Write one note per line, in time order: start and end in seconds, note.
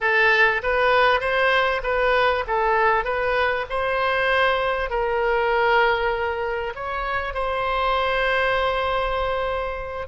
0.00 0.62 A4
0.62 1.20 B4
1.20 1.81 C5
1.83 2.44 B4
2.47 3.04 A4
3.04 3.65 B4
3.69 4.90 C5
4.90 6.73 A#4
6.75 7.34 C#5
7.34 10.07 C5